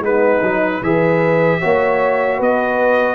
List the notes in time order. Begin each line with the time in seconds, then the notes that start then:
0.00 G#3 B3 D#4 B4
0.41 F#3 D#4
0.82 E3 G#4 B4 E5
1.61 A#3 F#4 C#5
2.37 B3 B4 D#5